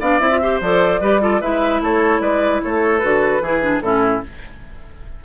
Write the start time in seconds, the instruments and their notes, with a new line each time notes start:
0.00 bassoon B3, clarinet D4, oboe D5, flute F5
0.19 bassoon C4, clarinet E4, flute E5
0.31 clarinet F4
0.42 clarinet G4, oboe C5
0.61 bassoon F3, clarinet A4, flute D5
1.01 bassoon G3, clarinet G4, oboe B4
1.21 clarinet F4, oboe A4
1.41 bassoon G#3, clarinet E4, oboe B4, flute E5
1.81 bassoon A3, oboe A4, flute C#5
2.20 bassoon G#3, oboe B4, flute D5
2.63 bassoon A3, oboe A4, flute C#5
2.98 bassoon D3, clarinet F#4, flute B4
3.41 bassoon E3, clarinet E4, oboe G#4
3.62 clarinet D4
3.81 bassoon A2, clarinet C#4, oboe E4, flute A4